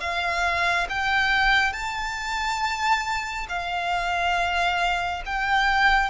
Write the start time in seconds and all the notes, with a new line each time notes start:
0.00 F5
0.89 G5
1.73 A5
3.49 F5
5.25 G5